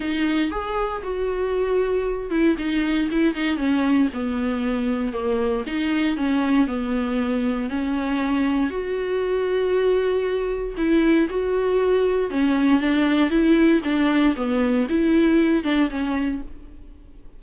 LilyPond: \new Staff \with { instrumentName = "viola" } { \time 4/4 \tempo 4 = 117 dis'4 gis'4 fis'2~ | fis'8 e'8 dis'4 e'8 dis'8 cis'4 | b2 ais4 dis'4 | cis'4 b2 cis'4~ |
cis'4 fis'2.~ | fis'4 e'4 fis'2 | cis'4 d'4 e'4 d'4 | b4 e'4. d'8 cis'4 | }